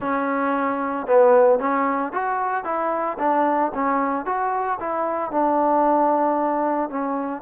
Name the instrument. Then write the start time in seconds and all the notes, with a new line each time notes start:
trombone
0.00 C#4
1.06 B3
1.59 C#4
2.12 F#4
2.64 E4
3.19 D4
3.74 C#4
4.25 F#4
4.80 E4
5.31 D4
6.89 C#4